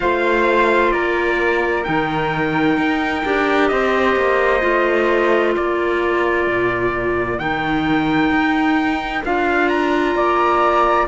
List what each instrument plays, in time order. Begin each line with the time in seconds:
0.00 cello A3, clarinet F4, flute C5, trumpet F5
0.91 cello A#3, flute A#4, trumpet D5
1.83 cello D#3, clarinet D#4, trumpet G5
2.77 cello D#4
3.24 cello D4, clarinet G4
3.68 cello C4, flute C5, trumpet D#5
4.16 cello A#3
4.61 cello A3, clarinet F4
5.55 cello A#3, flute A#4, trumpet D5
6.47 cello A#2
7.38 cello D#3, clarinet D#4, trumpet G5
8.30 cello D#4
9.24 cello D4, clarinet F4, trumpet F5
9.68 trumpet A#5
10.15 cello A#3, flute D5